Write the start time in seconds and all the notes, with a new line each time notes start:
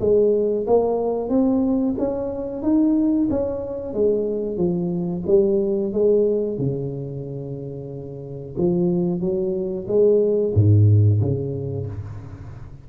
0.00 G#3
0.67 A#3
1.29 C4
1.99 C#4
2.63 D#4
3.31 C#4
3.94 G#3
4.58 F3
5.27 G3
5.93 G#3
6.58 C#3
8.58 F3
9.21 F#3
9.88 G#3
10.55 G#2
11.21 C#3